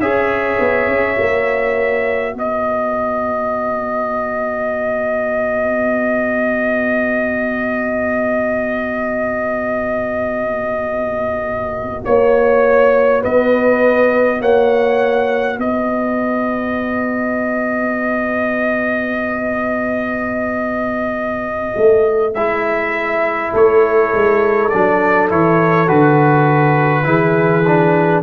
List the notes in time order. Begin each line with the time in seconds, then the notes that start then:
0.00 C#4 G#4 C#5 E5
0.60 B3
0.87 C#4
1.16 A#3 F#4
2.35 B3 B4 D#5
12.05 A#3 C#5
13.22 B3 B4 D#5
14.41 A#3 C#5 F#5
15.58 B3 B4 D#5
21.77 A3
22.35 G#3 E4 E5
23.53 A3 A4 C#5
24.14 G#3
24.70 F#3 D4 D5
25.30 E3 E4 C#5
25.88 D3 F#4 B4
27.04 E3 E4 G#4
27.67 D4